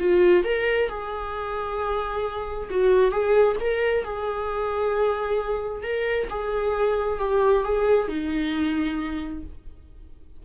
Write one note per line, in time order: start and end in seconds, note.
0.00 0.45 F4
0.45 0.90 A#4
0.90 2.70 G#4
2.71 3.12 F#4
3.12 3.57 G#4
3.61 4.05 A#4
4.05 5.84 G#4
5.84 6.29 A#4
6.30 7.20 G#4
7.20 7.65 G4
7.65 8.09 G#4
8.09 9.44 D#4